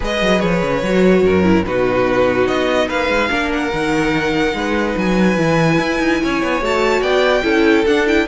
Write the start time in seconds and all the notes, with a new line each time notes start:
0.00 G#3 G#4 B4 D#5
0.21 F#3
0.40 F3 C#5
0.62 C#3
0.82 F#3 F#4
1.22 F#2 A#4
1.43 E4
1.64 B2 D#4 F#4 B4
2.47 B3 D#5
2.87 A#3 B4 F5
3.08 G#3
3.29 A#3 D4 A#4
3.53 F#5
3.73 D#3 D#4
4.53 G#3 B4
4.97 F#3 G#5
5.37 E3 E4
5.78 E4
5.99 D#4
6.22 C#4 C#5
6.42 B3
6.61 A3 F#4 A5
7.00 B3 D5 G5
7.43 C#4 E4 A4
7.86 D4 F#5
8.06 E4 G5